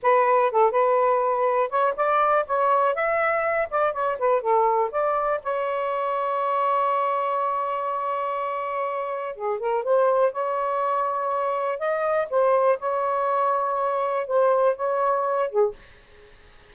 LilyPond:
\new Staff \with { instrumentName = "saxophone" } { \time 4/4 \tempo 4 = 122 b'4 a'8 b'2 cis''8 | d''4 cis''4 e''4. d''8 | cis''8 b'8 a'4 d''4 cis''4~ | cis''1~ |
cis''2. gis'8 ais'8 | c''4 cis''2. | dis''4 c''4 cis''2~ | cis''4 c''4 cis''4. gis'8 | }